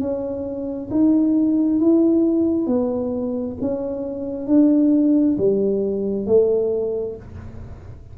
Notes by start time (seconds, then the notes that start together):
0.00 C#4
0.91 D#4
1.80 E4
2.67 B3
3.61 C#4
4.47 D4
5.38 G3
6.26 A3